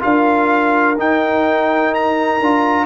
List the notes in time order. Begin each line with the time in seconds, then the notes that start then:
0.00 D4 F4 A#4 F5
0.98 D#4 G5
1.94 A#5
2.41 D4 F4